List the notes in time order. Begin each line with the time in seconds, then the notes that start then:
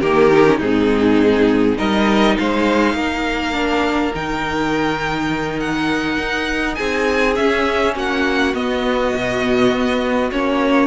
0.00 D#3 A#3 G4 A#4
0.31 D#4
0.44 C#4
0.57 G#2 C4 D#4 G#4
1.77 G3 D#4 A#4 D#5
2.38 G#3 C5 F5
2.94 A#3 A#4
3.52 D4
4.14 D#3 D#4 G5
5.59 F#5
6.17 D#4
6.74 C4 G#4 G#5
7.35 C#4 E5
7.94 A#3 F#4 F#5
8.54 B3 D#5
9.14 B2
9.71 B3
10.31 A#3 C#4 C#5